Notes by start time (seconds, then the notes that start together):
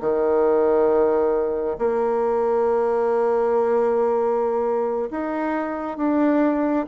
0.00 D#3
1.78 A#3
5.10 D#4
5.97 D4